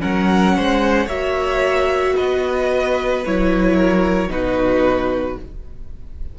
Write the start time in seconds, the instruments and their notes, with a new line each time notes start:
0.00 cello F#3, viola C#4, violin A#4 F#5
0.56 cello G#3, violin C5
1.06 cello A#3, viola F#4, violin C#5 E5
2.16 cello B3, violin B4 D#5
3.25 cello F#3, viola E4, violin C#5
3.76 violin A#4
4.29 cello B2, viola D#4, violin F#4 B4